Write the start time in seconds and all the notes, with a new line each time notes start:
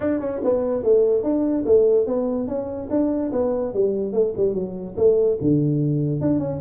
0.00 D4
0.20 C#4
0.44 B3
0.83 A3
1.23 D4
1.65 A3
2.06 B3
2.47 C#4
2.90 D4
3.32 B3
3.73 G3
4.12 A3
4.37 G3
4.54 F#3
4.96 A3
5.41 D3
6.20 D4
6.39 C#4